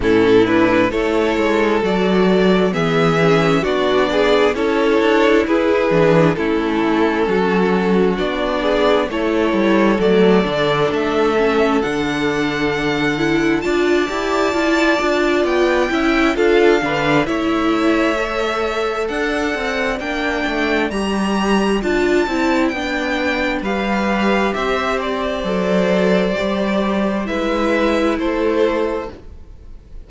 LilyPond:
<<
  \new Staff \with { instrumentName = "violin" } { \time 4/4 \tempo 4 = 66 a'8 b'8 cis''4 d''4 e''4 | d''4 cis''4 b'4 a'4~ | a'4 d''4 cis''4 d''4 | e''4 fis''2 a''4~ |
a''4 g''4 f''4 e''4~ | e''4 fis''4 g''4 ais''4 | a''4 g''4 f''4 e''8 d''8~ | d''2 e''4 c''4 | }
  \new Staff \with { instrumentName = "violin" } { \time 4/4 e'4 a'2 gis'4 | fis'8 gis'8 a'4 gis'4 e'4 | fis'4. gis'8 a'2~ | a'2. d''4~ |
d''4. e''8 a'8 b'8 cis''4~ | cis''4 d''2.~ | d''2 b'4 c''4~ | c''2 b'4 a'4 | }
  \new Staff \with { instrumentName = "viola" } { \time 4/4 cis'8 d'8 e'4 fis'4 b8 cis'8 | d'4 e'4. d'8 cis'4~ | cis'4 d'4 e'4 a8 d'8~ | d'8 cis'8 d'4. e'8 f'8 g'8 |
e'8 f'4 e'8 f'8 d'8 e'4 | a'2 d'4 g'4 | f'8 e'8 d'4 g'2 | a'4 g'4 e'2 | }
  \new Staff \with { instrumentName = "cello" } { \time 4/4 a,4 a8 gis8 fis4 e4 | b4 cis'8 d'8 e'8 e8 a4 | fis4 b4 a8 g8 fis8 d8 | a4 d2 d'8 e'8 |
f'8 d'8 b8 cis'8 d'8 d8 a4~ | a4 d'8 c'8 ais8 a8 g4 | d'8 c'8 b4 g4 c'4 | fis4 g4 gis4 a4 | }
>>